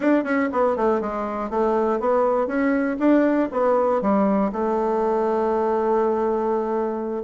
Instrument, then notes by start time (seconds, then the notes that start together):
bassoon
0.00 D4
0.23 C#4
0.52 B3
0.76 A3
1.00 G#3
1.50 A3
2.00 B3
2.47 C#4
2.99 D4
3.51 B3
4.01 G3
4.52 A3